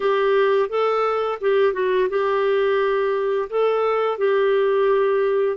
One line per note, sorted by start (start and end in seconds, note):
0.00 0.68 G4
0.68 1.38 A4
1.40 1.73 G4
1.73 2.08 F#4
2.09 3.48 G4
3.49 4.18 A4
4.18 5.57 G4